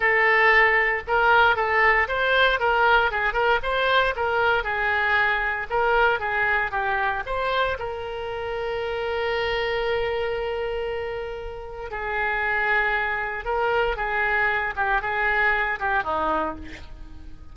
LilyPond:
\new Staff \with { instrumentName = "oboe" } { \time 4/4 \tempo 4 = 116 a'2 ais'4 a'4 | c''4 ais'4 gis'8 ais'8 c''4 | ais'4 gis'2 ais'4 | gis'4 g'4 c''4 ais'4~ |
ais'1~ | ais'2. gis'4~ | gis'2 ais'4 gis'4~ | gis'8 g'8 gis'4. g'8 dis'4 | }